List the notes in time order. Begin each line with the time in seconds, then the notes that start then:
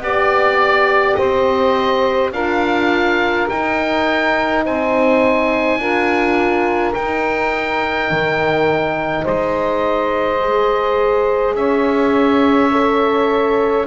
0.00 B3 G4 D5
1.15 C4 C5 D#5
2.32 D4 F4 A#4 F5
3.49 D#4 G5
4.64 C4 C5 G#5
5.78 D4 F4 A#4
6.94 D#4 G5
8.11 D#3
9.24 G#3 C5 D#5
10.39 G#4
11.55 C#4 C#5 E5
12.72 A4